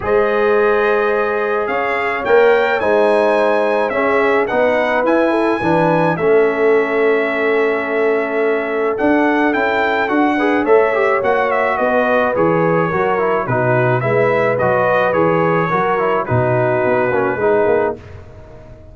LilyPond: <<
  \new Staff \with { instrumentName = "trumpet" } { \time 4/4 \tempo 4 = 107 dis''2. f''4 | g''4 gis''2 e''4 | fis''4 gis''2 e''4~ | e''1 |
fis''4 g''4 fis''4 e''4 | fis''8 e''8 dis''4 cis''2 | b'4 e''4 dis''4 cis''4~ | cis''4 b'2. | }
  \new Staff \with { instrumentName = "horn" } { \time 4/4 c''2. cis''4~ | cis''4 c''2 gis'4 | b'4. a'8 b'4 a'4~ | a'1~ |
a'2~ a'8 b'8 cis''4~ | cis''4 b'2 ais'4 | fis'4 b'2. | ais'4 fis'2 gis'4 | }
  \new Staff \with { instrumentName = "trombone" } { \time 4/4 gis'1 | ais'4 dis'2 cis'4 | dis'4 e'4 d'4 cis'4~ | cis'1 |
d'4 e'4 fis'8 gis'8 a'8 g'8 | fis'2 gis'4 fis'8 e'8 | dis'4 e'4 fis'4 gis'4 | fis'8 e'8 dis'4. cis'8 dis'4 | }
  \new Staff \with { instrumentName = "tuba" } { \time 4/4 gis2. cis'4 | ais4 gis2 cis'4 | b4 e'4 e4 a4~ | a1 |
d'4 cis'4 d'4 a4 | ais4 b4 e4 fis4 | b,4 gis4 fis4 e4 | fis4 b,4 b8 ais8 gis8 ais8 | }
>>